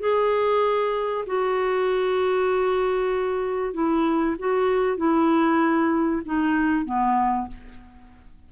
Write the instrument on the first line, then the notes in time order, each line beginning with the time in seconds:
clarinet
0.00 G#4
1.27 F#4
3.74 E4
4.39 F#4
4.97 E4
6.26 D#4
6.86 B3